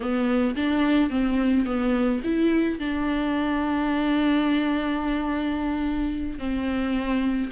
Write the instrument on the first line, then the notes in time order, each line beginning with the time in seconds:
viola
0.00 B3
0.55 D4
1.10 C4
1.65 B3
2.23 E4
2.79 D4
6.38 C4